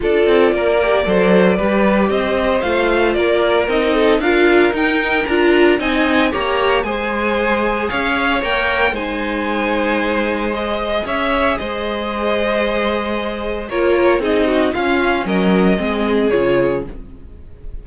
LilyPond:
<<
  \new Staff \with { instrumentName = "violin" } { \time 4/4 \tempo 4 = 114 d''1 | dis''4 f''4 d''4 dis''4 | f''4 g''4 ais''4 gis''4 | ais''4 gis''2 f''4 |
g''4 gis''2. | dis''4 e''4 dis''2~ | dis''2 cis''4 dis''4 | f''4 dis''2 cis''4 | }
  \new Staff \with { instrumentName = "violin" } { \time 4/4 a'4 ais'4 c''4 b'4 | c''2 ais'4. a'8 | ais'2. dis''4 | cis''4 c''2 cis''4~ |
cis''4 c''2.~ | c''4 cis''4 c''2~ | c''2 ais'4 gis'8 fis'8 | f'4 ais'4 gis'2 | }
  \new Staff \with { instrumentName = "viola" } { \time 4/4 f'4. g'8 a'4 g'4~ | g'4 f'2 dis'4 | f'4 dis'4 f'4 dis'4 | g'4 gis'2. |
ais'4 dis'2. | gis'1~ | gis'2 f'4 dis'4 | cis'2 c'4 f'4 | }
  \new Staff \with { instrumentName = "cello" } { \time 4/4 d'8 c'8 ais4 fis4 g4 | c'4 a4 ais4 c'4 | d'4 dis'4 d'4 c'4 | ais4 gis2 cis'4 |
ais4 gis2.~ | gis4 cis'4 gis2~ | gis2 ais4 c'4 | cis'4 fis4 gis4 cis4 | }
>>